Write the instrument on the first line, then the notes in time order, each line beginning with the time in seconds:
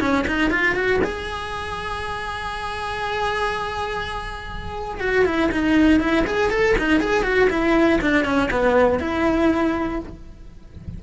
cello
0.00 C#4
0.27 D#4
0.50 F4
0.75 F#4
1.03 G#4
5.00 F#4
5.25 E4
5.51 D#4
6.00 E4
6.26 G#4
6.50 A4
6.78 D#4
7.00 G#4
7.23 F#4
7.50 E4
8.01 D4
8.25 C#4
8.50 B3
8.99 E4